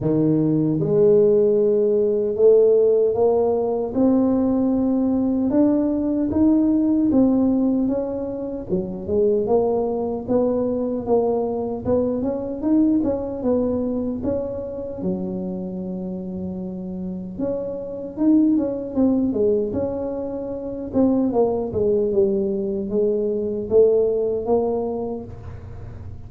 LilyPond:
\new Staff \with { instrumentName = "tuba" } { \time 4/4 \tempo 4 = 76 dis4 gis2 a4 | ais4 c'2 d'4 | dis'4 c'4 cis'4 fis8 gis8 | ais4 b4 ais4 b8 cis'8 |
dis'8 cis'8 b4 cis'4 fis4~ | fis2 cis'4 dis'8 cis'8 | c'8 gis8 cis'4. c'8 ais8 gis8 | g4 gis4 a4 ais4 | }